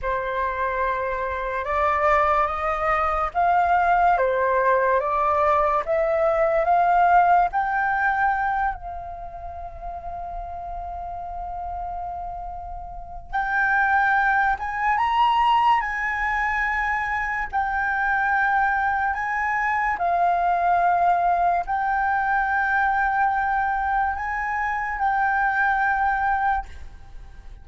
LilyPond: \new Staff \with { instrumentName = "flute" } { \time 4/4 \tempo 4 = 72 c''2 d''4 dis''4 | f''4 c''4 d''4 e''4 | f''4 g''4. f''4.~ | f''1 |
g''4. gis''8 ais''4 gis''4~ | gis''4 g''2 gis''4 | f''2 g''2~ | g''4 gis''4 g''2 | }